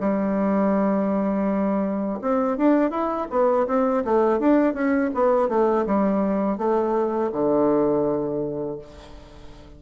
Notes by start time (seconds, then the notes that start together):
0.00 G3
2.21 C4
2.57 D4
2.91 E4
3.30 B3
3.67 C4
4.05 A3
4.39 D4
4.74 C#4
5.14 B3
5.48 A3
5.86 G3
6.58 A3
7.32 D3